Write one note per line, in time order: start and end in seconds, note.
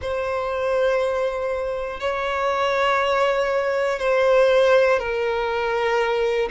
0.01 2.00 C5
2.00 3.99 C#5
3.99 4.99 C5
4.99 6.49 A#4